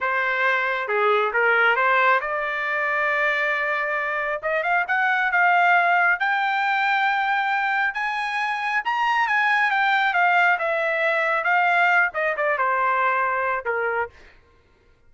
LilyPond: \new Staff \with { instrumentName = "trumpet" } { \time 4/4 \tempo 4 = 136 c''2 gis'4 ais'4 | c''4 d''2.~ | d''2 dis''8 f''8 fis''4 | f''2 g''2~ |
g''2 gis''2 | ais''4 gis''4 g''4 f''4 | e''2 f''4. dis''8 | d''8 c''2~ c''8 ais'4 | }